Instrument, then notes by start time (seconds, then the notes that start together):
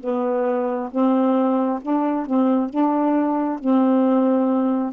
saxophone
0.00 B3
0.90 C4
1.82 D4
2.26 C4
2.69 D4
3.59 C4